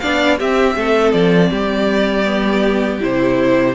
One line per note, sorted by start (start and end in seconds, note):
0.00 0.40 B3
0.00 0.39 D4
0.00 0.39 D5
0.00 0.38 F5
0.39 2.25 C4
0.39 0.76 C4
0.39 0.76 G4
0.39 1.12 E5
0.76 1.13 A3
0.76 1.50 A4
1.12 1.51 F3
1.12 3.00 D5
1.50 3.02 G3
1.50 3.75 G4
2.25 3.00 B3
3.00 3.76 C3
3.00 3.75 E4
3.00 3.76 C5